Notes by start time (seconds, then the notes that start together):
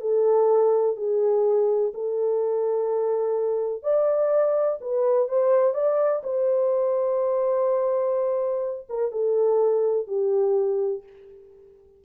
0.00 A4
0.96 G#4
1.94 A4
3.82 D5
4.80 B4
5.28 C5
5.74 D5
6.23 C5
8.89 A#4
9.11 A4
10.07 G4